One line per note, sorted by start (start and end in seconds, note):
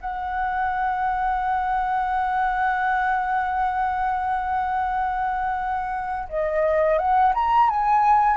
0.00 6.28 F#5
6.28 6.98 D#5
6.98 7.33 F#5
7.34 7.69 A#5
7.69 8.37 G#5